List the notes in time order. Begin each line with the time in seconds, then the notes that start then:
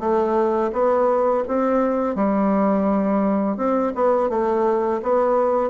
0.00 A3
0.73 B3
1.48 C4
2.16 G3
3.57 C4
3.95 B3
4.30 A3
5.03 B3